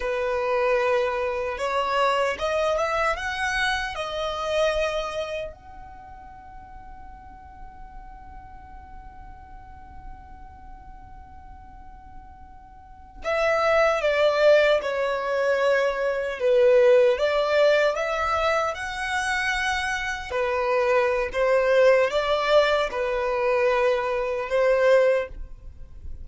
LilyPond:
\new Staff \with { instrumentName = "violin" } { \time 4/4 \tempo 4 = 76 b'2 cis''4 dis''8 e''8 | fis''4 dis''2 fis''4~ | fis''1~ | fis''1~ |
fis''8. e''4 d''4 cis''4~ cis''16~ | cis''8. b'4 d''4 e''4 fis''16~ | fis''4.~ fis''16 b'4~ b'16 c''4 | d''4 b'2 c''4 | }